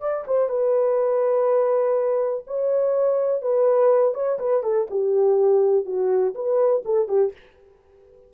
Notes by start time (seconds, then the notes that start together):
0.00 D5
0.27 C5
0.49 B4
2.47 C#5
3.41 B4
4.14 C#5
4.39 B4
4.63 A4
4.90 G4
5.85 F#4
6.34 B4
6.85 A4
7.08 G4